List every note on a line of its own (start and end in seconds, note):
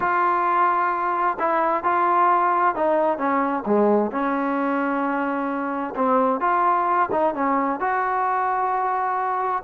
0.00 1.37 F4
1.39 1.83 E4
1.83 2.75 F4
2.75 3.17 D#4
3.17 3.63 C#4
3.66 4.11 G#3
4.11 5.94 C#4
5.95 6.40 C4
6.40 7.09 F4
7.11 7.34 D#4
7.34 7.80 C#4
7.80 9.63 F#4